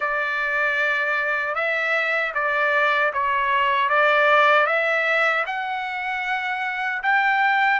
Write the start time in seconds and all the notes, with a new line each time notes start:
0.00 D5
1.54 E5
2.34 D5
3.13 C#5
3.89 D5
4.66 E5
5.46 F#5
7.02 G5